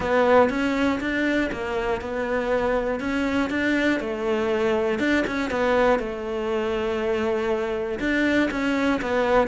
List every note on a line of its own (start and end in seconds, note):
0.00 0.49 B3
0.49 0.99 C#4
1.00 1.50 D4
1.52 2.01 A#3
2.01 3.00 B3
3.00 3.50 C#4
3.50 4.00 D4
4.00 4.99 A3
4.99 5.24 D4
5.26 5.50 C#4
5.50 5.99 B3
5.99 7.99 A3
7.99 8.49 D4
8.50 9.00 C#4
9.01 9.47 B3